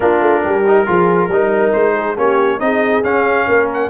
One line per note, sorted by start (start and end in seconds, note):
0.00 0.20 A#3
0.00 0.64 D4
0.00 0.43 F4
0.00 1.72 A#4
0.20 0.42 A3
0.43 0.87 G3
0.43 0.86 G4
0.67 0.86 D#4
0.86 1.28 F3
0.86 1.29 F4
0.86 1.30 G#4
1.28 1.72 G3
1.28 2.16 D#4
1.28 1.93 A#4
1.72 2.17 G#3
1.72 2.16 C5
1.93 2.15 G#4
2.15 2.59 A#3
2.15 2.59 C#4
2.15 2.59 G4
2.15 2.59 C#5
2.59 3.03 C4
2.59 3.03 D#4
2.59 3.46 G#4
2.59 3.03 D#5
3.03 3.47 C#4
3.03 3.89 C#4
3.03 3.69 F5
3.46 3.89 A#3
3.46 3.89 A#4
3.73 3.89 F#5